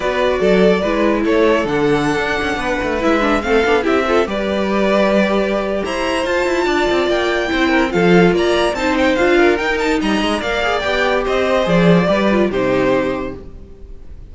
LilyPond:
<<
  \new Staff \with { instrumentName = "violin" } { \time 4/4 \tempo 4 = 144 d''2. cis''4 | fis''2.~ fis''16 e''8.~ | e''16 f''4 e''4 d''4.~ d''16~ | d''2 ais''4 a''4~ |
a''4 g''2 f''4 | ais''4 a''8 g''8 f''4 g''8 a''8 | ais''4 f''4 g''4 dis''4 | d''2 c''2 | }
  \new Staff \with { instrumentName = "violin" } { \time 4/4 b'4 a'4 b'4 a'4~ | a'2~ a'16 b'4.~ b'16~ | b'16 a'4 g'8 a'8 b'4.~ b'16~ | b'2 c''2 |
d''2 c''8 ais'8 a'4 | d''4 c''4. ais'4. | dis''4 d''2 c''4~ | c''4 b'4 g'2 | }
  \new Staff \with { instrumentName = "viola" } { \time 4/4 fis'2 e'2 | d'2.~ d'16 e'8 d'16~ | d'16 c'8 d'8 e'8 f'8 g'4.~ g'16~ | g'2. f'4~ |
f'2 e'4 f'4~ | f'4 dis'4 f'4 dis'4~ | dis'4 ais'8 gis'8 g'2 | gis'4 g'8 f'8 dis'2 | }
  \new Staff \with { instrumentName = "cello" } { \time 4/4 b4 fis4 gis4 a4 | d4~ d16 d'8 cis'8 b8 a8 gis8.~ | gis16 a8 b8 c'4 g4.~ g16~ | g2 e'4 f'8 e'8 |
d'8 c'8 ais4 c'4 f4 | ais4 c'4 d'4 dis'4 | g8 gis8 ais4 b4 c'4 | f4 g4 c2 | }
>>